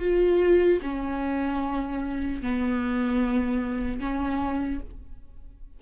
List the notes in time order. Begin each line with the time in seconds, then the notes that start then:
0.00 F4
0.83 C#4
2.43 B3
4.00 C#4